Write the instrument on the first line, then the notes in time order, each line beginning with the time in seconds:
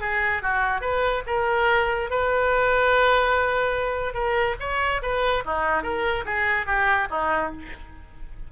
oboe
0.00 G#4
0.42 F#4
0.81 B4
1.27 A#4
2.10 B4
4.13 A#4
4.59 C#5
5.02 B4
5.45 D#4
5.83 A#4
6.25 G#4
6.66 G4
7.10 D#4